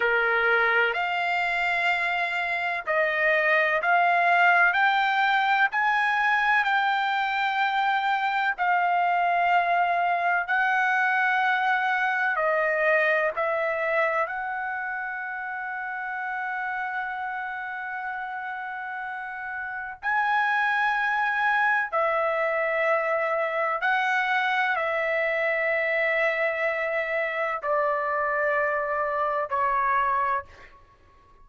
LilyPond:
\new Staff \with { instrumentName = "trumpet" } { \time 4/4 \tempo 4 = 63 ais'4 f''2 dis''4 | f''4 g''4 gis''4 g''4~ | g''4 f''2 fis''4~ | fis''4 dis''4 e''4 fis''4~ |
fis''1~ | fis''4 gis''2 e''4~ | e''4 fis''4 e''2~ | e''4 d''2 cis''4 | }